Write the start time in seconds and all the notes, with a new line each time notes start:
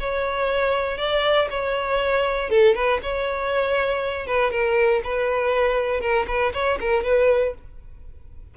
0.00 C#5
0.98 D5
1.50 C#5
2.50 A4
2.75 B4
3.03 C#5
4.27 B4
4.51 A#4
5.04 B4
6.00 A#4
6.28 B4
6.54 C#5
6.80 A#4
7.04 B4